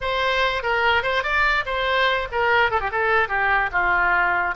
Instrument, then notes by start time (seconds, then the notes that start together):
oboe
0.01 C5
0.62 A#4
1.02 C5
1.23 D5
1.65 C5
2.31 A#4
2.70 A4
2.80 G4
2.91 A4
3.28 G4
3.72 F4